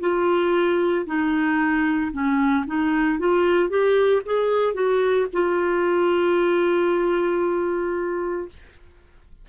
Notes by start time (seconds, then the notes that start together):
0.00 F4
1.06 D#4
2.12 C#4
2.67 D#4
3.19 F4
3.69 G4
4.25 G#4
4.74 F#4
5.33 F4